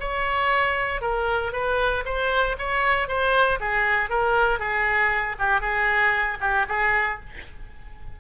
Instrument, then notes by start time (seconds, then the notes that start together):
oboe
0.00 C#5
1.01 A#4
1.53 B4
2.05 C5
2.59 C#5
3.08 C5
3.60 G#4
4.10 A#4
4.59 G#4
5.39 G4
5.61 G#4
6.41 G4
6.68 G#4